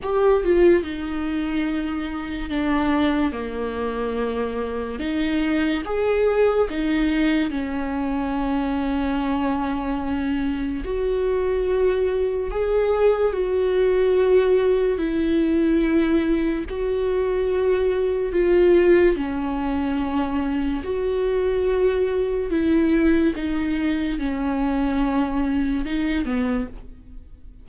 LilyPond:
\new Staff \with { instrumentName = "viola" } { \time 4/4 \tempo 4 = 72 g'8 f'8 dis'2 d'4 | ais2 dis'4 gis'4 | dis'4 cis'2.~ | cis'4 fis'2 gis'4 |
fis'2 e'2 | fis'2 f'4 cis'4~ | cis'4 fis'2 e'4 | dis'4 cis'2 dis'8 b8 | }